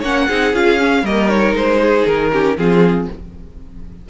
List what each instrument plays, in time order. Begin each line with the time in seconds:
0.00 cello A#3, viola C#4, violin C#5 F#5
0.27 cello C4, viola D#4, violin G#4
0.54 cello C#4, viola F4, violin F5
0.79 viola C#4
1.03 cello G3, viola A#3, violin A#4 D#5
1.29 viola D#4, violin C#5
1.53 cello G#3, violin C5
1.81 violin G#4
2.06 cello D#3, violin A#4
2.32 viola C#4, violin G4
2.57 cello F3, viola C4, violin F4 G#4